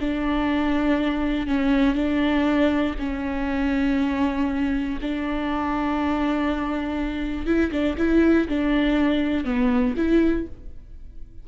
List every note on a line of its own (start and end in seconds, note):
0.00 1.47 D4
1.47 1.95 C#4
1.95 2.95 D4
2.98 4.98 C#4
5.01 7.46 D4
7.46 7.71 E4
7.71 7.96 D4
7.97 8.47 E4
8.48 9.45 D4
9.45 9.95 B3
9.96 10.46 E4